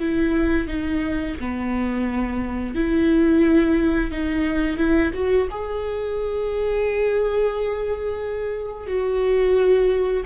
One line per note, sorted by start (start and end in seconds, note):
0.00 0.68 E4
0.68 1.36 D#4
1.40 2.75 B3
2.75 4.12 E4
4.12 4.78 D#4
4.78 5.12 E4
5.14 5.48 F#4
5.51 8.88 G#4
8.88 10.24 F#4